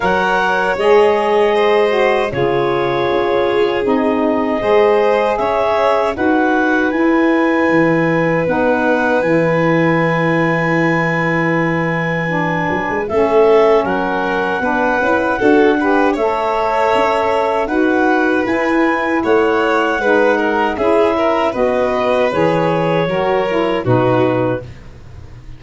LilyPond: <<
  \new Staff \with { instrumentName = "clarinet" } { \time 4/4 \tempo 4 = 78 fis''4 dis''2 cis''4~ | cis''4 dis''2 e''4 | fis''4 gis''2 fis''4 | gis''1~ |
gis''4 e''4 fis''2~ | fis''4 e''2 fis''4 | gis''4 fis''2 e''4 | dis''4 cis''2 b'4 | }
  \new Staff \with { instrumentName = "violin" } { \time 4/4 cis''2 c''4 gis'4~ | gis'2 c''4 cis''4 | b'1~ | b'1~ |
b'4 a'4 ais'4 b'4 | a'8 b'8 cis''2 b'4~ | b'4 cis''4 b'8 ais'8 gis'8 ais'8 | b'2 ais'4 fis'4 | }
  \new Staff \with { instrumentName = "saxophone" } { \time 4/4 ais'4 gis'4. fis'8 f'4~ | f'4 dis'4 gis'2 | fis'4 e'2 dis'4 | e'1 |
d'4 cis'2 d'8 e'8 | fis'8 g'8 a'2 fis'4 | e'2 dis'4 e'4 | fis'4 gis'4 fis'8 e'8 dis'4 | }
  \new Staff \with { instrumentName = "tuba" } { \time 4/4 fis4 gis2 cis4 | cis'4 c'4 gis4 cis'4 | dis'4 e'4 e4 b4 | e1~ |
e8 fis16 gis16 a4 fis4 b8 cis'8 | d'4 a4 cis'4 dis'4 | e'4 a4 gis4 cis'4 | b4 e4 fis4 b,4 | }
>>